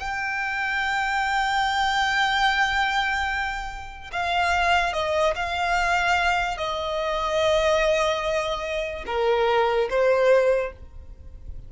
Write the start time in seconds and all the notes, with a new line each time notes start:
0.00 G5
4.12 F5
4.93 D#5
5.35 F5
6.58 D#5
9.06 A#4
9.90 C5